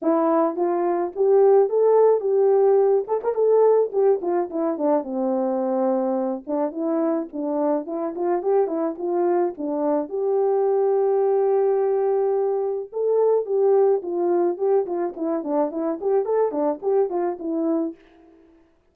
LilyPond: \new Staff \with { instrumentName = "horn" } { \time 4/4 \tempo 4 = 107 e'4 f'4 g'4 a'4 | g'4. a'16 ais'16 a'4 g'8 f'8 | e'8 d'8 c'2~ c'8 d'8 | e'4 d'4 e'8 f'8 g'8 e'8 |
f'4 d'4 g'2~ | g'2. a'4 | g'4 f'4 g'8 f'8 e'8 d'8 | e'8 g'8 a'8 d'8 g'8 f'8 e'4 | }